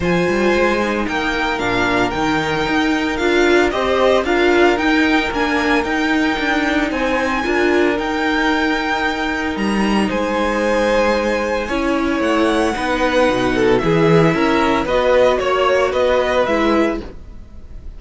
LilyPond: <<
  \new Staff \with { instrumentName = "violin" } { \time 4/4 \tempo 4 = 113 gis''2 g''4 f''4 | g''2 f''4 dis''4 | f''4 g''4 gis''4 g''4~ | g''4 gis''2 g''4~ |
g''2 ais''4 gis''4~ | gis''2. fis''4~ | fis''2 e''2 | dis''4 cis''4 dis''4 e''4 | }
  \new Staff \with { instrumentName = "violin" } { \time 4/4 c''2 ais'2~ | ais'2. c''4 | ais'1~ | ais'4 c''4 ais'2~ |
ais'2. c''4~ | c''2 cis''2 | b'4. a'8 gis'4 ais'4 | b'4 cis''4 b'2 | }
  \new Staff \with { instrumentName = "viola" } { \time 4/4 f'4. dis'4. d'4 | dis'2 f'4 g'4 | f'4 dis'4 d'4 dis'4~ | dis'2 f'4 dis'4~ |
dis'1~ | dis'2 e'2 | dis'2 e'2 | fis'2. e'4 | }
  \new Staff \with { instrumentName = "cello" } { \time 4/4 f8 g8 gis4 ais4 ais,4 | dis4 dis'4 d'4 c'4 | d'4 dis'4 ais4 dis'4 | d'4 c'4 d'4 dis'4~ |
dis'2 g4 gis4~ | gis2 cis'4 a4 | b4 b,4 e4 cis'4 | b4 ais4 b4 gis4 | }
>>